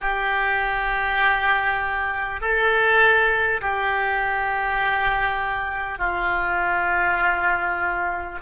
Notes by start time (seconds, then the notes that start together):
0.01 G4
2.41 A4
3.61 G4
5.98 F4